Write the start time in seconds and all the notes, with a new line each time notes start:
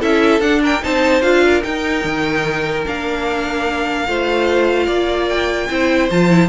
0.00 C#4 E4 A4 E5
0.40 D4 F#5
0.63 A#4 G5
0.82 C4 D#4 C5 A5
1.22 D4 F4 F5
1.44 A#4
1.63 D#4 G5
2.04 D#3
2.86 A#3 D4 F5
4.07 A3 F4 C5
4.86 A#3 D5
5.29 G5
5.70 C4 E4 C5
6.10 F3 F4 A5
6.30 E4